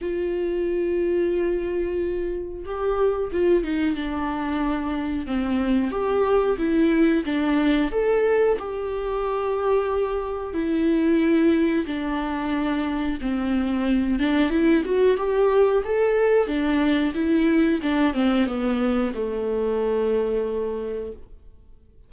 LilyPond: \new Staff \with { instrumentName = "viola" } { \time 4/4 \tempo 4 = 91 f'1 | g'4 f'8 dis'8 d'2 | c'4 g'4 e'4 d'4 | a'4 g'2. |
e'2 d'2 | c'4. d'8 e'8 fis'8 g'4 | a'4 d'4 e'4 d'8 c'8 | b4 a2. | }